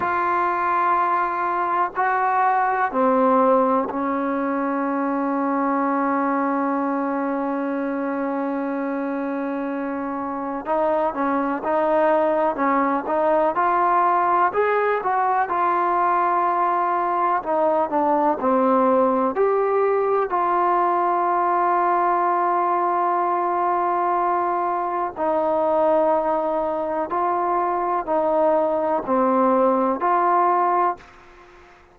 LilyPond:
\new Staff \with { instrumentName = "trombone" } { \time 4/4 \tempo 4 = 62 f'2 fis'4 c'4 | cis'1~ | cis'2. dis'8 cis'8 | dis'4 cis'8 dis'8 f'4 gis'8 fis'8 |
f'2 dis'8 d'8 c'4 | g'4 f'2.~ | f'2 dis'2 | f'4 dis'4 c'4 f'4 | }